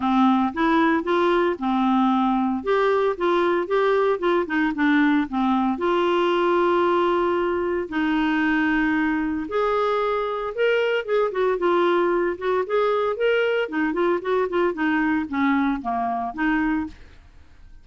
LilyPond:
\new Staff \with { instrumentName = "clarinet" } { \time 4/4 \tempo 4 = 114 c'4 e'4 f'4 c'4~ | c'4 g'4 f'4 g'4 | f'8 dis'8 d'4 c'4 f'4~ | f'2. dis'4~ |
dis'2 gis'2 | ais'4 gis'8 fis'8 f'4. fis'8 | gis'4 ais'4 dis'8 f'8 fis'8 f'8 | dis'4 cis'4 ais4 dis'4 | }